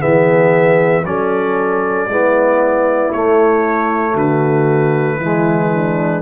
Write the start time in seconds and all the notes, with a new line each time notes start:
0.00 E3 B3 G#4 E5
1.05 F#3 C#4 A4 D5
2.08 G#3 B3 E4
3.13 A3 C#5
4.13 D3 F#4 B4
5.18 E3 G#3 E4
5.74 D4